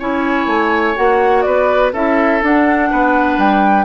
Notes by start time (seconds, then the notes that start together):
0.00 C#4 E4 C#5 G#5
0.47 A3
0.95 A#3 F#4 F#5
1.42 B3 B4 D5
1.93 C#4 E4 A4 E5
2.42 D4 F#5
2.91 B3 B4
3.38 G3 G5